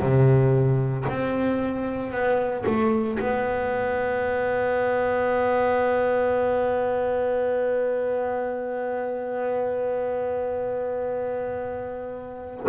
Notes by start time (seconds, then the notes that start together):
0.00 C3
1.09 C4
2.12 B3
2.66 A3
3.19 B3